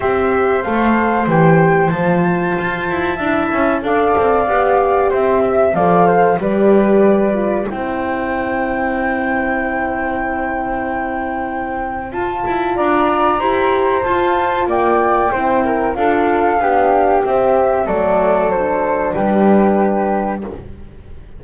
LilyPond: <<
  \new Staff \with { instrumentName = "flute" } { \time 4/4 \tempo 4 = 94 e''4 f''4 g''4 a''4~ | a''2 f''2 | e''4 f''4 d''2 | g''1~ |
g''2. a''4 | ais''2 a''4 g''4~ | g''4 f''2 e''4 | d''4 c''4 b'2 | }
  \new Staff \with { instrumentName = "flute" } { \time 4/4 c''1~ | c''4 e''4 d''2 | c''8 e''8 d''8 c''8 b'2 | c''1~ |
c''1 | d''4 c''2 d''4 | c''8 ais'8 a'4 g'2 | a'2 g'2 | }
  \new Staff \with { instrumentName = "horn" } { \time 4/4 g'4 a'4 g'4 f'4~ | f'4 e'4 a'4 g'4~ | g'4 a'4 g'4. f'8 | e'1~ |
e'2. f'4~ | f'4 g'4 f'2 | e'4 f'4 d'4 c'4 | a4 d'2. | }
  \new Staff \with { instrumentName = "double bass" } { \time 4/4 c'4 a4 e4 f4 | f'8 e'8 d'8 cis'8 d'8 c'8 b4 | c'4 f4 g2 | c'1~ |
c'2. f'8 e'8 | d'4 e'4 f'4 ais4 | c'4 d'4 b4 c'4 | fis2 g2 | }
>>